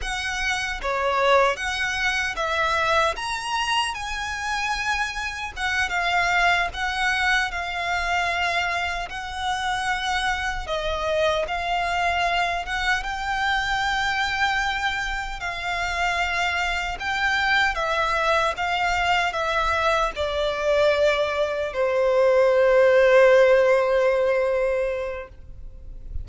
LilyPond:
\new Staff \with { instrumentName = "violin" } { \time 4/4 \tempo 4 = 76 fis''4 cis''4 fis''4 e''4 | ais''4 gis''2 fis''8 f''8~ | f''8 fis''4 f''2 fis''8~ | fis''4. dis''4 f''4. |
fis''8 g''2. f''8~ | f''4. g''4 e''4 f''8~ | f''8 e''4 d''2 c''8~ | c''1 | }